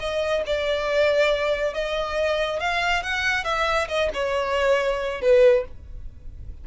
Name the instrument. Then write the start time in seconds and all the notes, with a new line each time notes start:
violin
0.00 D#5
0.46 D5
1.74 D#5
2.60 F5
3.03 F#5
3.44 E5
3.89 D#5
4.14 C#5
5.22 B4